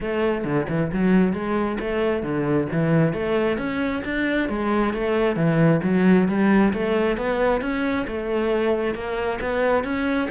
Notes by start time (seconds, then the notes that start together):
0.00 A3
0.44 D3
0.68 E3
0.92 F#3
1.33 G#3
1.79 A3
2.22 D3
2.72 E3
3.13 A3
3.57 C#4
4.04 D4
4.49 G#3
4.93 A3
5.35 E3
5.83 F#3
6.28 G3
6.73 A3
7.17 B3
7.61 C#4
8.07 A3
8.94 A#3
9.41 B3
9.83 C#4